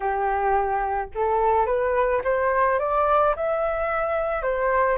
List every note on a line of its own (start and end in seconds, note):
0.00 1.08 G4
1.15 1.66 A4
1.66 2.21 B4
2.24 2.79 C5
2.79 3.34 D5
3.35 4.42 E5
4.42 4.97 C5